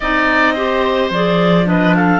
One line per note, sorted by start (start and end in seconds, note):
0.00 1.10 C4
0.00 0.56 D#4
0.00 0.54 D5
0.00 1.10 D#5
0.54 1.11 G4
0.54 1.65 C5
1.10 2.20 F3
1.10 1.65 G#4
1.10 1.67 D5
1.65 2.20 D4
1.65 1.96 B4
1.65 1.95 D#5
1.95 2.20 A4
1.95 2.20 F5